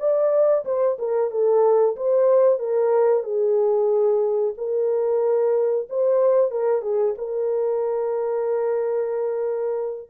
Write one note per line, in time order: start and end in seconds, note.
0.00 0.65 D5
0.66 0.98 C5
0.99 1.31 A#4
1.31 1.96 A4
1.97 2.60 C5
2.60 3.24 A#4
3.24 4.54 G#4
4.58 5.88 A#4
5.90 6.51 C5
6.51 6.82 A#4
6.82 7.15 G#4
7.18 10.10 A#4